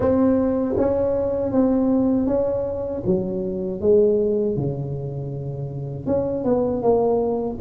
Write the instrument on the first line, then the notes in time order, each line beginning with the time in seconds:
tuba
0.00 C4
0.77 C#4
1.52 C4
2.26 C#4
3.06 F#3
3.80 G#3
4.56 C#3
6.06 C#4
6.44 B3
6.82 A#3